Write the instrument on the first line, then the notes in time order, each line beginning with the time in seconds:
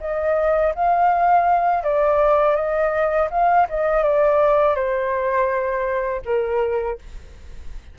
flute
0.00 D#5
0.75 F5
1.83 D5
2.55 D#5
3.30 F5
3.69 D#5
4.03 D5
4.75 C5
6.25 A#4